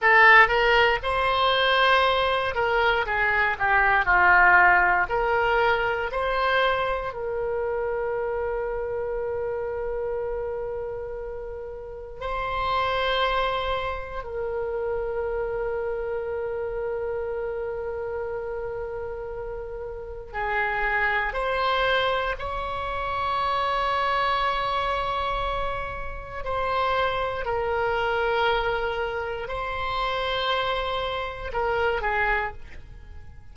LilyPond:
\new Staff \with { instrumentName = "oboe" } { \time 4/4 \tempo 4 = 59 a'8 ais'8 c''4. ais'8 gis'8 g'8 | f'4 ais'4 c''4 ais'4~ | ais'1 | c''2 ais'2~ |
ais'1 | gis'4 c''4 cis''2~ | cis''2 c''4 ais'4~ | ais'4 c''2 ais'8 gis'8 | }